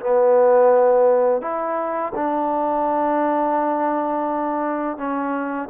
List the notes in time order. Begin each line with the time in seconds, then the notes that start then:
0.00 B3
1.41 E4
2.15 D4
4.97 C#4